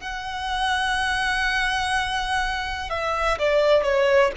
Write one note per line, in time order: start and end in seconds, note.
0.00 2.90 F#5
2.90 3.38 E5
3.38 3.83 D5
3.83 4.31 C#5